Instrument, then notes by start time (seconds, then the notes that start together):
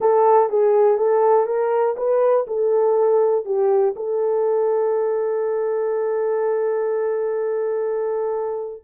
horn
0.00 A4
0.49 G#4
0.97 A4
1.46 A#4
1.96 B4
2.47 A4
3.45 G4
3.95 A4